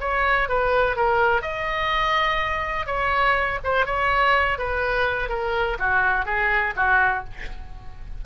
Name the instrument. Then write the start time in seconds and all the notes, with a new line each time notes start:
oboe
0.00 C#5
0.48 B4
0.96 A#4
1.41 D#5
2.86 C#5
3.63 C5
3.86 C#5
4.58 B4
5.29 A#4
5.78 F#4
6.25 G#4
6.76 F#4